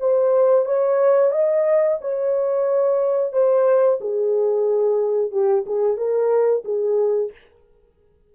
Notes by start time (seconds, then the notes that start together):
0.00 C5
0.65 C#5
1.32 D#5
2.01 C#5
3.32 C5
4.01 G#4
5.31 G4
5.66 G#4
5.97 A#4
6.65 G#4